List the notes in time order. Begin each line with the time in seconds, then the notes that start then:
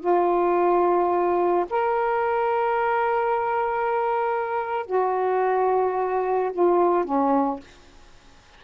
0.00 F4
1.70 A#4
4.86 F#4
6.53 F4
7.05 C#4